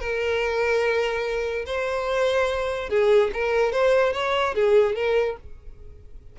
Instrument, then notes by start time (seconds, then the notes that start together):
violin
0.00 A#4
1.66 C5
2.90 G#4
3.34 A#4
3.72 C5
4.13 C#5
4.55 G#4
4.96 A#4